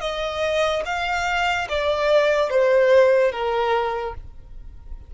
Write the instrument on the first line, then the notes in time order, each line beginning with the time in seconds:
violin
0.00 D#5
0.85 F5
1.69 D5
2.50 C5
3.31 A#4